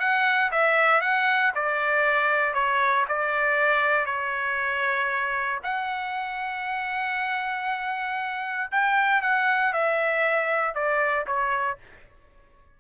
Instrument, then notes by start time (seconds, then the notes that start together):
trumpet
0.00 F#5
0.52 E5
1.01 F#5
1.55 D5
2.54 C#5
3.08 D5
4.06 C#5
5.63 F#5
8.72 G5
9.22 F#5
9.73 E5
10.75 D5
11.27 C#5